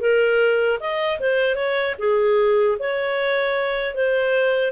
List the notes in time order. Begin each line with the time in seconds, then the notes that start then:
0.00 A#4
0.80 D#5
1.20 C5
1.55 C#5
1.99 G#4
2.79 C#5
3.95 C5